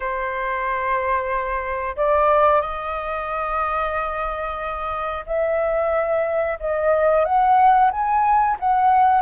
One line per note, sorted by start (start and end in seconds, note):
0.00 1.96 C5
1.96 2.61 D5
2.61 5.24 D#5
5.26 6.58 E5
6.59 7.24 D#5
7.24 7.90 F#5
7.91 8.57 G#5
8.59 9.21 F#5